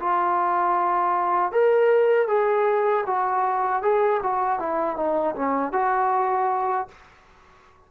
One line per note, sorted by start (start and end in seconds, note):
0.00 1.52 F4
1.52 2.28 A#4
2.28 3.05 G#4
3.07 3.83 F#4
3.83 4.21 G#4
4.23 4.59 F#4
4.59 4.97 E4
4.97 5.35 D#4
5.36 5.73 C#4
5.73 6.88 F#4